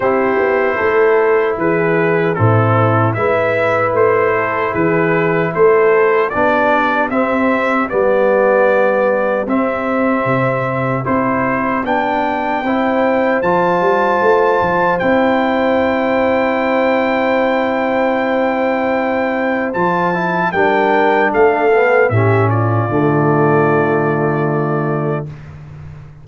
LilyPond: <<
  \new Staff \with { instrumentName = "trumpet" } { \time 4/4 \tempo 4 = 76 c''2 b'4 a'4 | e''4 c''4 b'4 c''4 | d''4 e''4 d''2 | e''2 c''4 g''4~ |
g''4 a''2 g''4~ | g''1~ | g''4 a''4 g''4 f''4 | e''8 d''2.~ d''8 | }
  \new Staff \with { instrumentName = "horn" } { \time 4/4 g'4 a'4 gis'4 e'4 | b'4. a'8 gis'4 a'4 | g'1~ | g'1 |
c''1~ | c''1~ | c''2 ais'4 a'4 | g'8 f'2.~ f'8 | }
  \new Staff \with { instrumentName = "trombone" } { \time 4/4 e'2. c'4 | e'1 | d'4 c'4 b2 | c'2 e'4 d'4 |
e'4 f'2 e'4~ | e'1~ | e'4 f'8 e'8 d'4. b8 | cis'4 a2. | }
  \new Staff \with { instrumentName = "tuba" } { \time 4/4 c'8 b8 a4 e4 a,4 | gis4 a4 e4 a4 | b4 c'4 g2 | c'4 c4 c'4 b4 |
c'4 f8 g8 a8 f8 c'4~ | c'1~ | c'4 f4 g4 a4 | a,4 d2. | }
>>